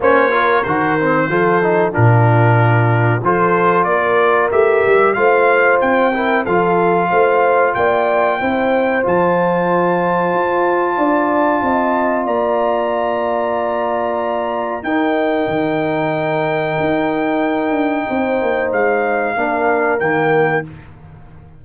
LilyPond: <<
  \new Staff \with { instrumentName = "trumpet" } { \time 4/4 \tempo 4 = 93 cis''4 c''2 ais'4~ | ais'4 c''4 d''4 e''4 | f''4 g''4 f''2 | g''2 a''2~ |
a''2. ais''4~ | ais''2. g''4~ | g''1~ | g''4 f''2 g''4 | }
  \new Staff \with { instrumentName = "horn" } { \time 4/4 c''8 ais'4. a'4 f'4~ | f'4 a'4 ais'2 | c''4. ais'8 a'4 c''4 | d''4 c''2.~ |
c''4 d''4 dis''4 d''4~ | d''2. ais'4~ | ais'1 | c''2 ais'2 | }
  \new Staff \with { instrumentName = "trombone" } { \time 4/4 cis'8 f'8 fis'8 c'8 f'8 dis'8 d'4~ | d'4 f'2 g'4 | f'4. e'8 f'2~ | f'4 e'4 f'2~ |
f'1~ | f'2. dis'4~ | dis'1~ | dis'2 d'4 ais4 | }
  \new Staff \with { instrumentName = "tuba" } { \time 4/4 ais4 dis4 f4 ais,4~ | ais,4 f4 ais4 a8 g8 | a4 c'4 f4 a4 | ais4 c'4 f2 |
f'4 d'4 c'4 ais4~ | ais2. dis'4 | dis2 dis'4. d'8 | c'8 ais8 gis4 ais4 dis4 | }
>>